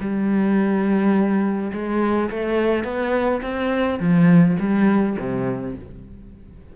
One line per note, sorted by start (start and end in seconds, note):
0.00 1.71 G3
1.72 2.30 G#3
2.30 2.84 A3
2.84 3.41 B3
3.42 3.99 C4
3.99 4.56 F3
4.59 5.17 G3
5.19 5.76 C3